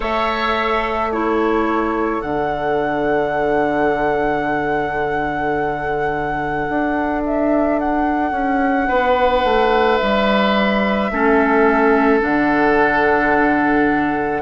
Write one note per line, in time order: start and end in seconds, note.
0.00 2.22 A3
0.00 1.10 A4
0.00 1.11 C#5
0.00 1.11 E5
1.11 2.21 E4
1.11 8.88 A4
1.11 2.21 C#5
2.21 6.66 D3
2.21 11.10 D4
2.21 7.21 F#5
6.69 8.31 D4
7.25 7.79 E5
7.79 9.97 F#5
8.31 8.87 C#4
8.88 9.44 B3
8.88 11.10 B4
9.44 9.99 A3
9.97 11.10 G3
9.97 12.19 E5
11.10 12.22 A3
11.10 12.19 C#4
11.10 14.42 A4
12.19 14.42 D3
12.19 14.41 D4
12.19 14.42 F#5